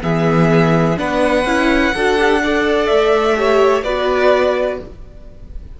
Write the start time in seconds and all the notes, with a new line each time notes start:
0.00 E3 B3 G#4 E5
0.96 B3 D4 B4 F#5
1.45 C#4 E4
1.94 D4 F#4 A4
2.18 G4
2.42 A4 D5
2.86 A3 E5
3.35 G4 C#5
3.83 B3 F#4 B4 D5